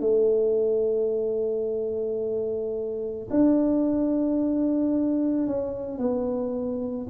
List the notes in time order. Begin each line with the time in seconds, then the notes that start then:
0.00 A3
3.30 D4
5.46 C#4
5.98 B3